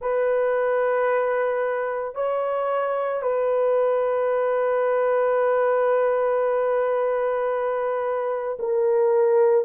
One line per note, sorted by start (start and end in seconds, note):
0.01 2.14 B4
2.14 3.21 C#5
3.21 8.57 B4
8.59 9.65 A#4